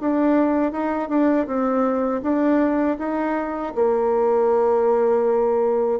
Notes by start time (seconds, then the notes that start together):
0.00 D4
0.72 D#4
1.08 D4
1.46 C4
2.22 D4
2.98 D#4
3.75 A#3